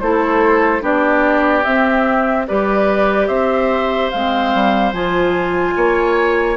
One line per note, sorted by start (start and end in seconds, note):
0.00 0.82 A3
0.00 0.81 E4
0.00 0.82 A4
0.00 0.82 C5
0.81 1.64 B3
0.81 1.63 D4
0.81 2.47 G4
0.81 1.64 D5
1.64 2.48 C4
1.64 2.46 E5
2.48 3.28 G3
2.48 4.13 G4
2.48 3.28 B4
2.48 3.28 D5
3.28 4.10 C4
3.28 5.75 C5
3.28 4.10 E5
4.11 4.54 G#3
4.11 4.94 C4
4.11 4.93 F5
4.54 4.93 G3
4.93 5.75 F3
4.93 6.57 F4
4.93 6.57 G#5
5.76 6.57 A#3
5.76 6.57 C#5